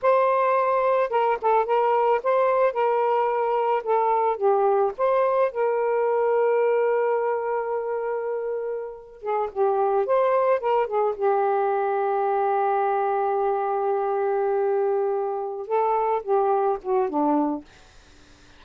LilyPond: \new Staff \with { instrumentName = "saxophone" } { \time 4/4 \tempo 4 = 109 c''2 ais'8 a'8 ais'4 | c''4 ais'2 a'4 | g'4 c''4 ais'2~ | ais'1~ |
ais'8. gis'8 g'4 c''4 ais'8 gis'16~ | gis'16 g'2.~ g'8.~ | g'1~ | g'8 a'4 g'4 fis'8 d'4 | }